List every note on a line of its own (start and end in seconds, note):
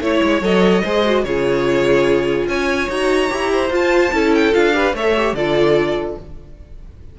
0.00 0.21 A3
0.00 0.42 E4
0.00 0.83 C#5
0.00 0.43 C#5
0.23 0.41 G#3
0.41 0.83 F#3
0.41 0.83 A4
0.41 1.24 D#5
0.83 1.24 G#3
0.83 1.05 G#4
0.83 1.25 C5
1.05 1.26 F#4
1.24 2.47 C#3
1.24 2.90 F4
1.24 2.48 G#4
1.24 2.47 C#5
2.47 2.88 C#4
2.47 3.51 C#5
2.47 2.90 G#5
2.89 3.30 D#4
2.89 3.29 F#4
2.89 3.73 A#5
3.29 3.70 E4
3.29 3.70 G4
3.52 4.14 C5
3.70 4.11 F4
3.70 4.12 F4
3.70 4.35 A5
4.12 4.53 C#4
4.12 4.53 E4
4.12 4.76 A4
4.35 4.54 G5
4.53 4.93 D4
4.53 4.73 F4
4.53 4.95 F5
4.73 4.94 G4
4.73 4.96 B4
4.93 5.33 A3
4.93 5.16 A4
4.93 5.36 C#5
4.93 5.35 E5
5.17 5.37 G4
5.33 6.15 D3
5.33 6.19 F4
5.33 6.18 A4
5.33 6.17 D5